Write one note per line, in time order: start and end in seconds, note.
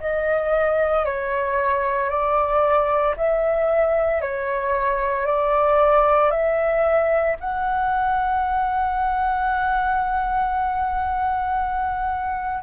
0.00 1.05 D#5
1.05 2.10 C#5
2.10 3.15 D5
3.17 4.21 E5
4.21 5.26 C#5
5.26 6.31 D5
6.31 7.36 E5
7.40 12.63 F#5